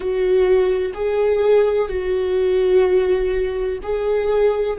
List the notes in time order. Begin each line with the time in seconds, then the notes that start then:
0.00 F#4
0.94 G#4
1.88 F#4
3.82 G#4